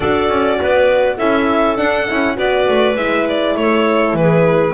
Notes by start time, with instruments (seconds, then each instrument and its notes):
0.00 double bass D4, horn F#4, clarinet A4, violin D5
0.29 double bass C#4
0.60 double bass B3, clarinet B4
1.16 double bass C#4, horn E4, clarinet A4, violin E5
1.76 horn D4, double bass D4, violin F#5
2.08 double bass C#4, horn E4
2.36 double bass B3, horn F#4, clarinet B4, violin D5
2.68 double bass A3
2.95 double bass G#3, horn E4, violin E5
3.28 violin D5
3.55 double bass A3, clarinet A4, violin C#5
4.13 double bass E3, violin B4
4.19 clarinet G#4